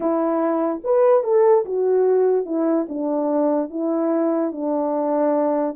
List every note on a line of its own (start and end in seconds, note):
0.00 0.81 E4
0.83 1.23 B4
1.23 1.64 A4
1.65 2.45 F#4
2.45 2.86 E4
2.88 3.70 D4
3.70 4.51 E4
4.51 5.75 D4